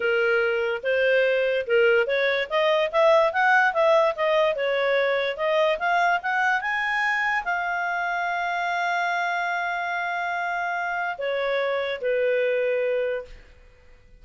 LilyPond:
\new Staff \with { instrumentName = "clarinet" } { \time 4/4 \tempo 4 = 145 ais'2 c''2 | ais'4 cis''4 dis''4 e''4 | fis''4 e''4 dis''4 cis''4~ | cis''4 dis''4 f''4 fis''4 |
gis''2 f''2~ | f''1~ | f''2. cis''4~ | cis''4 b'2. | }